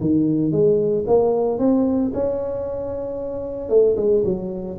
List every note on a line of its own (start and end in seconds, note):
0.00 0.51 D#3
0.51 1.05 G#3
1.07 1.58 A#3
1.58 2.11 C4
2.13 3.69 C#4
3.69 3.95 A3
3.96 4.23 G#3
4.24 4.77 F#3